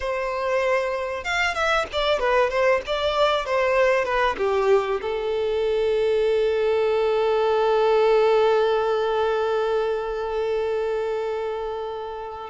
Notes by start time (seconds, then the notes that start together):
0.00 C5
1.23 F5
1.54 E5
1.92 D5
2.19 B4
2.50 C5
2.86 D5
3.45 C5
4.05 B4
4.38 G4
5.01 A4